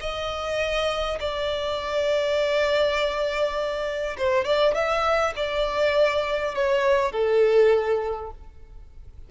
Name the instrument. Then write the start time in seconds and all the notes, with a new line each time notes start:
violin
0.00 D#5
1.20 D5
4.17 C5
4.45 D5
4.74 E5
5.36 D5
6.55 C#5
7.12 A4